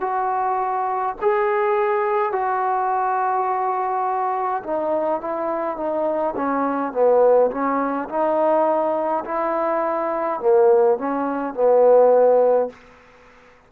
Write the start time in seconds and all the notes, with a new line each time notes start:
0.00 F#4
1.21 G#4
2.32 F#4
4.63 D#4
5.20 E4
5.76 D#4
6.36 C#4
6.92 B3
7.51 C#4
8.08 D#4
9.24 E4
10.40 A#3
10.98 C#4
11.54 B3